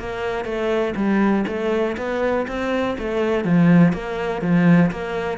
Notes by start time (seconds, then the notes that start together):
0.00 A#3
0.45 A3
0.96 G3
1.47 A3
1.98 B3
2.48 C4
2.99 A3
3.45 F3
3.93 A#3
4.42 F3
4.92 A#3